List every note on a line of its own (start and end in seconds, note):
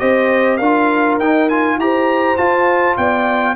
0.00 0.60 C4
0.00 0.60 G4
0.00 0.59 C5
0.00 0.57 D#5
0.57 1.19 D4
0.57 1.21 F4
0.57 1.78 A#4
0.57 1.17 F5
1.19 1.78 D#4
1.19 1.51 D#4
1.19 1.49 G5
1.49 1.80 F4
1.49 1.79 G#5
1.78 2.37 E4
1.78 2.38 G4
1.78 2.99 C5
1.78 2.37 A#5
2.37 2.98 F4
2.37 3.56 F4
2.37 2.97 A5
2.97 3.56 B3
2.97 3.56 D5
2.97 3.56 G5